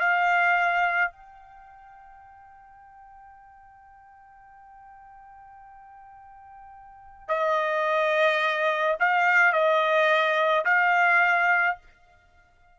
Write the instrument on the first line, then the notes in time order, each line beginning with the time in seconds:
trumpet
0.00 F5
1.12 G5
7.28 D#5
9.00 F5
9.53 D#5
10.65 F5